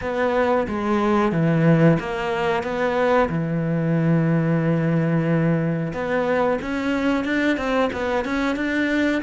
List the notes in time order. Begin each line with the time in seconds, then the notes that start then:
0.01 B3
0.67 G#3
1.32 E3
1.99 A#3
2.63 B3
3.29 E3
5.93 B3
6.61 C#4
7.24 D4
7.57 C4
7.93 B3
8.24 C#4
8.56 D4